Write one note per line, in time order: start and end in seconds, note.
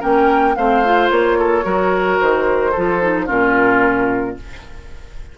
0.00 0.57 A#3
0.00 0.55 C#4
0.00 0.55 A#4
0.00 0.55 G5
0.55 1.10 A3
0.55 0.85 C4
0.55 1.38 C5
0.55 1.09 F5
0.85 1.63 F4
1.10 1.65 A#3
1.10 2.19 C#5
1.38 1.64 A4
1.63 2.19 F#3
1.63 2.72 F#4
1.63 2.71 A#4
2.19 2.76 D#3
2.19 3.28 C5
2.71 3.02 F4
2.71 3.25 A4
2.77 3.29 F3
3.02 3.27 D#4
3.25 4.38 A#2
3.25 4.36 C#4
3.25 4.35 F4
3.25 4.37 A#4